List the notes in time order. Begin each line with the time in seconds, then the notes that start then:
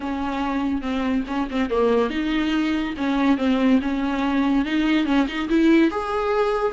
0.00 C#4
0.81 C4
1.27 C#4
1.50 C4
1.69 A#3
2.10 D#4
2.97 C#4
3.37 C4
3.81 C#4
4.65 D#4
5.05 C#4
5.27 D#4
5.49 E4
5.90 G#4